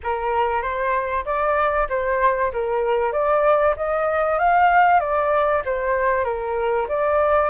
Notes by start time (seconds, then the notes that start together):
0.03 A#4
0.62 C5
1.25 D5
1.89 C5
2.52 A#4
3.12 D5
3.76 D#5
4.39 F5
4.99 D5
5.65 C5
6.24 A#4
6.88 D5